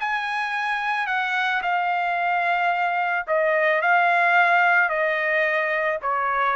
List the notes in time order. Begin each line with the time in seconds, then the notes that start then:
0.00 G#5
1.07 F#5
1.62 F5
3.27 D#5
3.81 F5
4.89 D#5
6.02 C#5